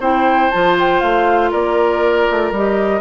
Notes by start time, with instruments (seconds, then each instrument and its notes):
0.00 bassoon C4, clarinet E4, oboe C5, flute G5
0.51 bassoon F3, clarinet F4, flute A5
0.79 flute G5
1.01 bassoon A3, flute F5
1.51 bassoon A#3, oboe A#4, flute D5
2.31 bassoon A3
2.51 bassoon G3, clarinet G4, flute D#5